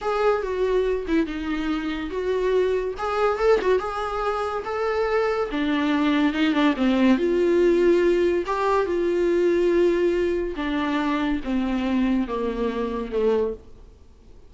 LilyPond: \new Staff \with { instrumentName = "viola" } { \time 4/4 \tempo 4 = 142 gis'4 fis'4. e'8 dis'4~ | dis'4 fis'2 gis'4 | a'8 fis'8 gis'2 a'4~ | a'4 d'2 dis'8 d'8 |
c'4 f'2. | g'4 f'2.~ | f'4 d'2 c'4~ | c'4 ais2 a4 | }